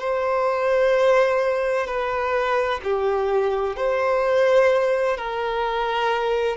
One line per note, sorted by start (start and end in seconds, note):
0.00 1.87 C5
1.87 2.80 B4
2.83 3.76 G4
3.76 5.17 C5
5.17 6.56 A#4